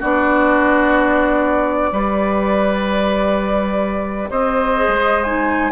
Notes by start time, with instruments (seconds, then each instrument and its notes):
0.00 bassoon B3, clarinet D4, oboe F#4, flute D5
1.92 bassoon G3, clarinet G4, oboe B4
4.30 bassoon C4, oboe C5, flute D#5
4.77 clarinet G#4
4.88 bassoon G#3
5.24 clarinet D#4, flute G#5